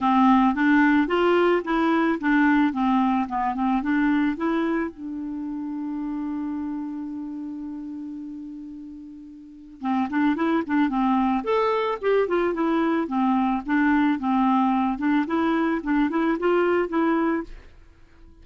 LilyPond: \new Staff \with { instrumentName = "clarinet" } { \time 4/4 \tempo 4 = 110 c'4 d'4 f'4 e'4 | d'4 c'4 b8 c'8 d'4 | e'4 d'2.~ | d'1~ |
d'2 c'8 d'8 e'8 d'8 | c'4 a'4 g'8 f'8 e'4 | c'4 d'4 c'4. d'8 | e'4 d'8 e'8 f'4 e'4 | }